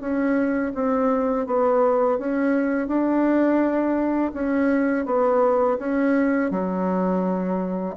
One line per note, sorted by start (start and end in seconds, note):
0.00 0.72 C#4
0.74 1.46 C4
1.46 2.18 B3
2.18 2.87 C#4
2.87 4.32 D4
4.33 5.05 C#4
5.05 5.78 B3
5.78 6.50 C#4
6.51 7.95 F#3